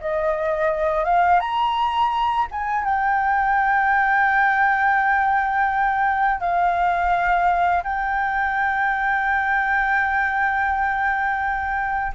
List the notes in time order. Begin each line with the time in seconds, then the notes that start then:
0.00 D#5
1.04 F5
1.40 A#5
2.51 G#5
2.84 G5
6.40 F5
7.83 G5